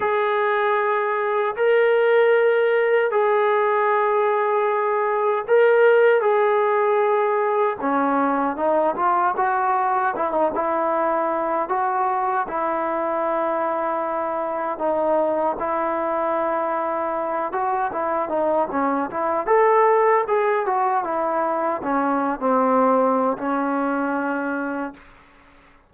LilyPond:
\new Staff \with { instrumentName = "trombone" } { \time 4/4 \tempo 4 = 77 gis'2 ais'2 | gis'2. ais'4 | gis'2 cis'4 dis'8 f'8 | fis'4 e'16 dis'16 e'4. fis'4 |
e'2. dis'4 | e'2~ e'8 fis'8 e'8 dis'8 | cis'8 e'8 a'4 gis'8 fis'8 e'4 | cis'8. c'4~ c'16 cis'2 | }